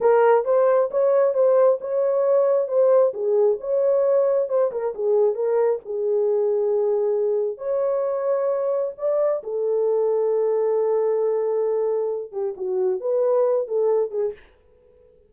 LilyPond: \new Staff \with { instrumentName = "horn" } { \time 4/4 \tempo 4 = 134 ais'4 c''4 cis''4 c''4 | cis''2 c''4 gis'4 | cis''2 c''8 ais'8 gis'4 | ais'4 gis'2.~ |
gis'4 cis''2. | d''4 a'2.~ | a'2.~ a'8 g'8 | fis'4 b'4. a'4 gis'8 | }